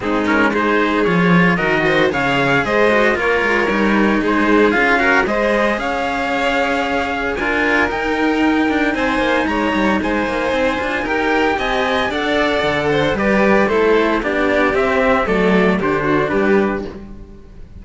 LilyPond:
<<
  \new Staff \with { instrumentName = "trumpet" } { \time 4/4 \tempo 4 = 114 gis'8 ais'8 c''4 cis''4 dis''4 | f''4 dis''4 cis''2 | c''4 f''4 dis''4 f''4~ | f''2 gis''4 g''4~ |
g''4 gis''4 ais''4 gis''4~ | gis''4 g''4 gis''4 fis''4~ | fis''4 d''4 c''4 d''4 | e''4 d''4 c''4 b'4 | }
  \new Staff \with { instrumentName = "violin" } { \time 4/4 dis'4 gis'2 ais'8 c''8 | cis''4 c''4 ais'2 | gis'4. ais'8 c''4 cis''4~ | cis''2 ais'2~ |
ais'4 c''4 cis''4 c''4~ | c''4 ais'4 dis''4 d''4~ | d''8 c''8 b'4 a'4 g'4~ | g'4 a'4 g'8 fis'8 g'4 | }
  \new Staff \with { instrumentName = "cello" } { \time 4/4 c'8 cis'8 dis'4 f'4 fis'4 | gis'4. fis'8 f'4 dis'4~ | dis'4 f'8 fis'8 gis'2~ | gis'2 f'4 dis'4~ |
dis'1~ | dis'8 f'8 g'2 a'4~ | a'4 g'4 e'4 d'4 | c'4 a4 d'2 | }
  \new Staff \with { instrumentName = "cello" } { \time 4/4 gis2 f4 dis4 | cis4 gis4 ais8 gis8 g4 | gis4 cis'4 gis4 cis'4~ | cis'2 d'4 dis'4~ |
dis'8 d'8 c'8 ais8 gis8 g8 gis8 ais8 | c'8 d'8 dis'4 c'4 d'4 | d4 g4 a4 b4 | c'4 fis4 d4 g4 | }
>>